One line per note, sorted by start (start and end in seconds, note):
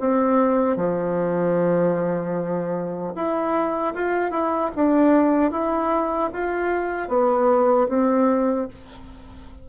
0.00 0.76 C4
0.76 3.13 F3
3.15 3.94 E4
3.94 4.31 F4
4.31 4.70 E4
4.75 5.51 D4
5.51 6.30 E4
6.33 7.08 F4
7.08 7.87 B3
7.88 8.67 C4